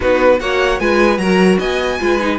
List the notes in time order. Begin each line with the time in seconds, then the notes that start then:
0.00 B3 D#4 F#4 B4
0.39 A#3 F#4 C#5 F#5
0.79 G#3 F4 B4 G#5
1.18 F#3 F#4 A#4 A#5
1.58 B3 D#5 G#5
2.00 G#3 F4 B4
2.19 D#4